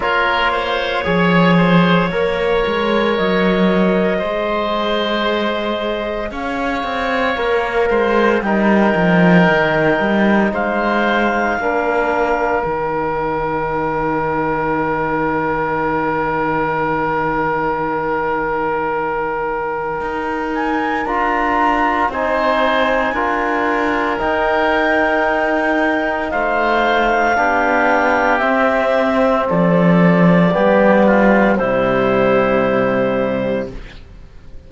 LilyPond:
<<
  \new Staff \with { instrumentName = "clarinet" } { \time 4/4 \tempo 4 = 57 cis''2. dis''4~ | dis''2 f''2 | g''2 f''2 | g''1~ |
g''2.~ g''8 gis''8 | ais''4 gis''2 g''4~ | g''4 f''2 e''4 | d''2 c''2 | }
  \new Staff \with { instrumentName = "oboe" } { \time 4/4 ais'8 c''8 cis''8 c''8 cis''2 | c''2 cis''4. c''8 | ais'2 c''4 ais'4~ | ais'1~ |
ais'1~ | ais'4 c''4 ais'2~ | ais'4 c''4 g'2 | a'4 g'8 f'8 e'2 | }
  \new Staff \with { instrumentName = "trombone" } { \time 4/4 f'4 gis'4 ais'2 | gis'2. ais'4 | dis'2. d'4 | dis'1~ |
dis'1 | f'4 dis'4 f'4 dis'4~ | dis'2 d'4 c'4~ | c'4 b4 g2 | }
  \new Staff \with { instrumentName = "cello" } { \time 4/4 ais4 f4 ais8 gis8 fis4 | gis2 cis'8 c'8 ais8 gis8 | g8 f8 dis8 g8 gis4 ais4 | dis1~ |
dis2. dis'4 | d'4 c'4 d'4 dis'4~ | dis'4 a4 b4 c'4 | f4 g4 c2 | }
>>